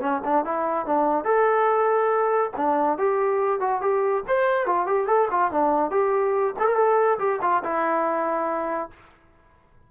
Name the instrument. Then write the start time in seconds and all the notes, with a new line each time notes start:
trombone
0.00 C#4
0.24 D4
0.45 E4
0.86 D4
1.24 A4
2.57 D4
2.98 G4
3.60 F#4
3.81 G4
4.28 C5
4.66 F4
4.86 G4
5.07 A4
5.30 F4
5.51 D4
5.91 G4
6.59 A4
6.66 A#4
6.76 A4
7.19 G4
7.42 F4
7.63 E4